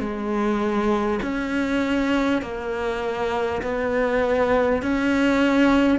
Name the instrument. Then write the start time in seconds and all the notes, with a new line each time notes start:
cello
0.00 G#3
1.22 C#4
2.42 A#3
3.62 B3
4.82 C#4